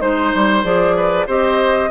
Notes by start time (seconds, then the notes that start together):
0.00 G#3 D#4 C5
0.34 G3
0.63 F3 G#4 D5
0.96 B4
1.26 C4 G4 C5 D#5